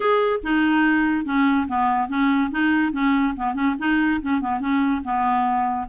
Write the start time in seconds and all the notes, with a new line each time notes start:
0.00 G#4
0.43 D#4
1.25 C#4
1.68 B3
2.08 C#4
2.51 D#4
2.92 C#4
3.36 B3
3.54 C#4
3.79 D#4
4.22 C#4
4.41 B3
4.59 C#4
5.03 B3